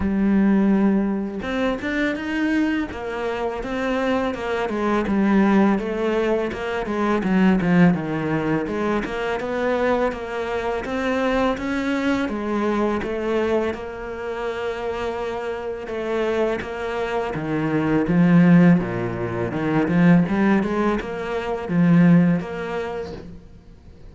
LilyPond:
\new Staff \with { instrumentName = "cello" } { \time 4/4 \tempo 4 = 83 g2 c'8 d'8 dis'4 | ais4 c'4 ais8 gis8 g4 | a4 ais8 gis8 fis8 f8 dis4 | gis8 ais8 b4 ais4 c'4 |
cis'4 gis4 a4 ais4~ | ais2 a4 ais4 | dis4 f4 ais,4 dis8 f8 | g8 gis8 ais4 f4 ais4 | }